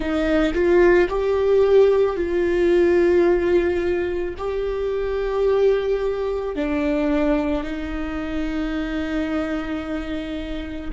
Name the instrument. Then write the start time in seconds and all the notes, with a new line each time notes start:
viola
0.00 D#4
0.54 F4
1.09 G4
2.16 F4
4.37 G4
6.55 D4
7.63 D#4